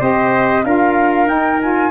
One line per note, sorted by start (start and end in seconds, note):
0.00 0.64 C4
0.00 0.64 G4
0.00 0.64 C5
0.00 0.65 D#5
0.64 1.27 D4
0.64 1.26 F4
0.64 1.91 A#4
0.64 1.28 F5
1.26 1.58 D#4
1.26 1.91 D#4
1.26 1.60 G5
1.62 1.91 F4
1.62 1.91 G#5